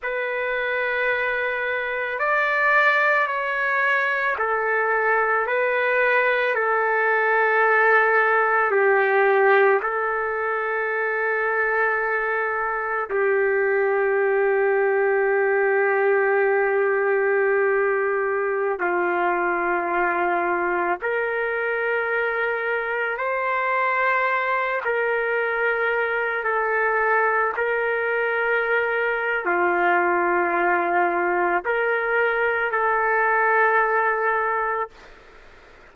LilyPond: \new Staff \with { instrumentName = "trumpet" } { \time 4/4 \tempo 4 = 55 b'2 d''4 cis''4 | a'4 b'4 a'2 | g'4 a'2. | g'1~ |
g'4~ g'16 f'2 ais'8.~ | ais'4~ ais'16 c''4. ais'4~ ais'16~ | ais'16 a'4 ais'4.~ ais'16 f'4~ | f'4 ais'4 a'2 | }